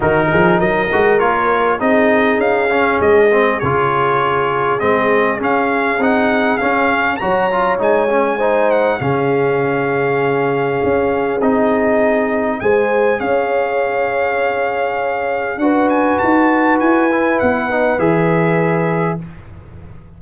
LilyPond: <<
  \new Staff \with { instrumentName = "trumpet" } { \time 4/4 \tempo 4 = 100 ais'4 dis''4 cis''4 dis''4 | f''4 dis''4 cis''2 | dis''4 f''4 fis''4 f''4 | ais''4 gis''4. fis''8 f''4~ |
f''2. dis''4~ | dis''4 gis''4 f''2~ | f''2 fis''8 gis''8 a''4 | gis''4 fis''4 e''2 | }
  \new Staff \with { instrumentName = "horn" } { \time 4/4 fis'8 gis'8 ais'2 gis'4~ | gis'1~ | gis'1 | cis''2 c''4 gis'4~ |
gis'1~ | gis'4 c''4 cis''2~ | cis''2 b'2~ | b'1 | }
  \new Staff \with { instrumentName = "trombone" } { \time 4/4 dis'4. fis'8 f'4 dis'4~ | dis'8 cis'4 c'8 f'2 | c'4 cis'4 dis'4 cis'4 | fis'8 f'8 dis'8 cis'8 dis'4 cis'4~ |
cis'2. dis'4~ | dis'4 gis'2.~ | gis'2 fis'2~ | fis'8 e'4 dis'8 gis'2 | }
  \new Staff \with { instrumentName = "tuba" } { \time 4/4 dis8 f8 fis8 gis8 ais4 c'4 | cis'4 gis4 cis2 | gis4 cis'4 c'4 cis'4 | fis4 gis2 cis4~ |
cis2 cis'4 c'4~ | c'4 gis4 cis'2~ | cis'2 d'4 dis'4 | e'4 b4 e2 | }
>>